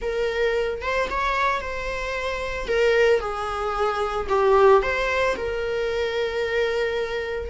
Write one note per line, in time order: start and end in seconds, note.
0.01 0.81 A#4
0.81 1.08 C5
1.10 1.60 C#5
1.60 2.67 C5
2.67 3.20 A#4
3.20 4.27 G#4
4.29 4.82 G4
4.82 5.35 C5
5.36 7.50 A#4